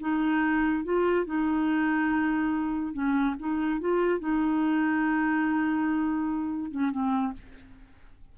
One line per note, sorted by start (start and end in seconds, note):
0.00 0.84 D#4
0.84 1.26 F4
1.26 2.94 D#4
2.94 3.35 C#4
3.39 3.80 D#4
3.80 4.20 F4
4.20 6.71 D#4
6.71 6.91 C#4
6.91 7.33 C4